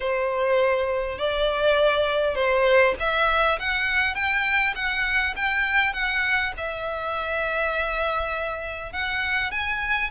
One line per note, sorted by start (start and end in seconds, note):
0.00 1.18 C5
1.18 2.35 D5
2.35 2.94 C5
2.99 3.59 E5
3.59 4.14 F#5
4.14 4.74 G5
4.75 5.34 F#5
5.35 5.93 G5
5.93 6.52 F#5
6.57 8.92 E5
8.92 9.51 F#5
9.51 10.10 G#5